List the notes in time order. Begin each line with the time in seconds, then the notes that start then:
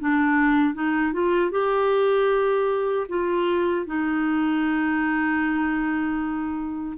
0.00 D4
0.74 D#4
1.13 F4
1.51 G4
3.09 F4
3.86 D#4